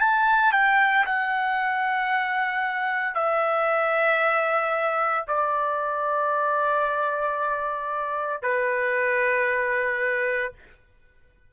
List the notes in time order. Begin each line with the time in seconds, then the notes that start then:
0.00 A5
0.53 G5
1.06 F#5
3.15 E5
5.28 D5
8.43 B4